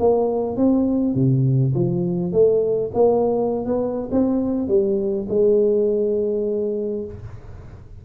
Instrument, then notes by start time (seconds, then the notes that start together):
tuba
0.00 A#3
0.57 C4
1.15 C3
1.75 F3
2.33 A3
2.94 A#3
3.66 B3
4.12 C4
4.68 G3
5.29 G#3